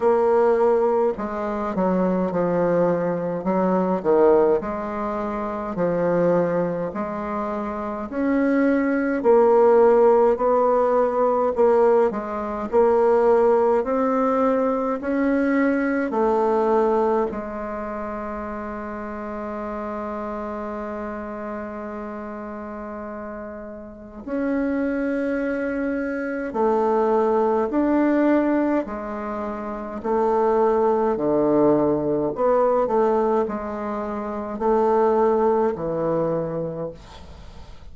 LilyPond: \new Staff \with { instrumentName = "bassoon" } { \time 4/4 \tempo 4 = 52 ais4 gis8 fis8 f4 fis8 dis8 | gis4 f4 gis4 cis'4 | ais4 b4 ais8 gis8 ais4 | c'4 cis'4 a4 gis4~ |
gis1~ | gis4 cis'2 a4 | d'4 gis4 a4 d4 | b8 a8 gis4 a4 e4 | }